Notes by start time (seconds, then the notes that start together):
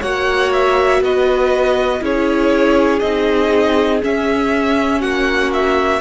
0.00 A#3 F#4 C#5 F#5
0.53 E5
1.01 B3 B4 D#5
2.00 C#4 E4 G#4 C#5
3.00 C4 D#4 D#5
4.01 C#4 E5
5.00 A#3 F#4 F#5
5.53 E5